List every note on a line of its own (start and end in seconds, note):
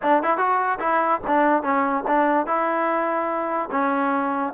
0.02 0.22 D4
0.22 0.37 E4
0.37 0.78 F#4
0.79 1.20 E4
1.27 1.62 D4
1.62 2.03 C#4
2.07 2.46 D4
2.46 3.69 E4
3.71 4.53 C#4